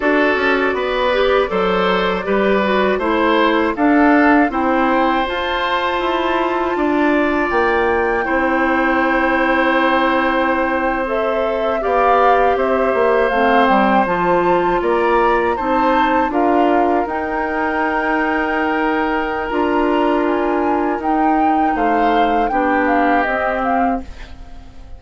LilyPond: <<
  \new Staff \with { instrumentName = "flute" } { \time 4/4 \tempo 4 = 80 d''1 | c''4 f''4 g''4 a''4~ | a''2 g''2~ | g''2~ g''8. e''4 f''16~ |
f''8. e''4 f''8 g''8 a''4 ais''16~ | ais''8. a''4 f''4 g''4~ g''16~ | g''2 ais''4 gis''4 | g''4 f''4 g''8 f''8 dis''8 f''8 | }
  \new Staff \with { instrumentName = "oboe" } { \time 4/4 a'4 b'4 c''4 b'4 | c''4 a'4 c''2~ | c''4 d''2 c''4~ | c''2.~ c''8. d''16~ |
d''8. c''2. d''16~ | d''8. c''4 ais'2~ ais'16~ | ais'1~ | ais'4 c''4 g'2 | }
  \new Staff \with { instrumentName = "clarinet" } { \time 4/4 fis'4. g'8 a'4 g'8 fis'8 | e'4 d'4 e'4 f'4~ | f'2. e'4~ | e'2~ e'8. a'4 g'16~ |
g'4.~ g'16 c'4 f'4~ f'16~ | f'8. dis'4 f'4 dis'4~ dis'16~ | dis'2 f'2 | dis'2 d'4 c'4 | }
  \new Staff \with { instrumentName = "bassoon" } { \time 4/4 d'8 cis'8 b4 fis4 g4 | a4 d'4 c'4 f'4 | e'4 d'4 ais4 c'4~ | c'2.~ c'8. b16~ |
b8. c'8 ais8 a8 g8 f4 ais16~ | ais8. c'4 d'4 dis'4~ dis'16~ | dis'2 d'2 | dis'4 a4 b4 c'4 | }
>>